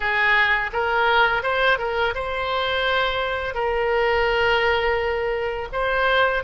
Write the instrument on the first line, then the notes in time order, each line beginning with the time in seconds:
oboe
0.00 G#4
0.72 A#4
1.43 C5
1.78 A#4
2.14 C5
3.54 A#4
5.72 C5